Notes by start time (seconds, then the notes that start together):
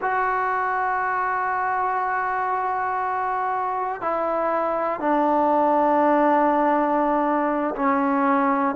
0.01 F#4
4.01 E4
5.00 D4
7.75 C#4